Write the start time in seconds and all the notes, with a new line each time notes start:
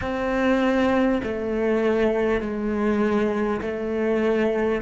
0.01 C4
1.23 A3
2.40 G#3
3.61 A3